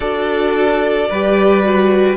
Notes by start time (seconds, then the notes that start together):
0.00 D4 F#4 A4 D5
1.08 G3 G4 B4
1.63 F#4